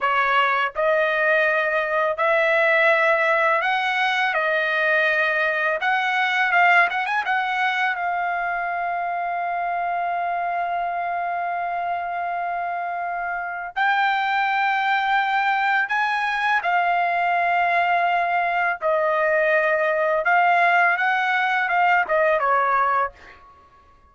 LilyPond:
\new Staff \with { instrumentName = "trumpet" } { \time 4/4 \tempo 4 = 83 cis''4 dis''2 e''4~ | e''4 fis''4 dis''2 | fis''4 f''8 fis''16 gis''16 fis''4 f''4~ | f''1~ |
f''2. g''4~ | g''2 gis''4 f''4~ | f''2 dis''2 | f''4 fis''4 f''8 dis''8 cis''4 | }